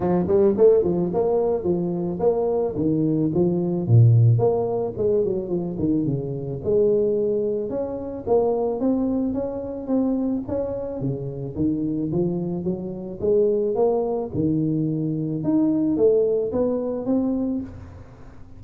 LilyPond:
\new Staff \with { instrumentName = "tuba" } { \time 4/4 \tempo 4 = 109 f8 g8 a8 f8 ais4 f4 | ais4 dis4 f4 ais,4 | ais4 gis8 fis8 f8 dis8 cis4 | gis2 cis'4 ais4 |
c'4 cis'4 c'4 cis'4 | cis4 dis4 f4 fis4 | gis4 ais4 dis2 | dis'4 a4 b4 c'4 | }